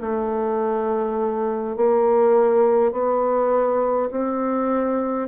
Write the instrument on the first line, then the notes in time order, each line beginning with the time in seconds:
bassoon
0.00 A3
1.76 A#3
2.91 B3
4.11 C4